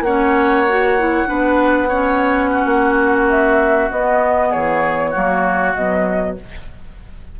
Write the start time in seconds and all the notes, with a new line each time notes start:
0.00 A#3 C#4 C#5 F#5
0.68 F#4
0.98 E4
1.26 B3 D4 B4
1.88 C#4 C#5
2.50 F#4
2.65 A#3
3.28 E5
3.90 B3 D#5
4.49 E3 G#4 C#5
5.10 F#3 A#3 F#4
5.74 B2 F#3 D#5